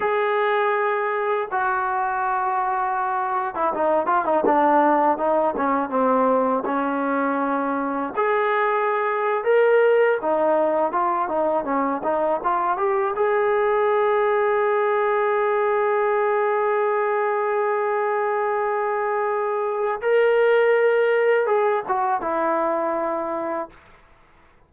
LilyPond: \new Staff \with { instrumentName = "trombone" } { \time 4/4 \tempo 4 = 81 gis'2 fis'2~ | fis'8. e'16 dis'8 f'16 dis'16 d'4 dis'8 cis'8 | c'4 cis'2 gis'4~ | gis'8. ais'4 dis'4 f'8 dis'8 cis'16~ |
cis'16 dis'8 f'8 g'8 gis'2~ gis'16~ | gis'1~ | gis'2. ais'4~ | ais'4 gis'8 fis'8 e'2 | }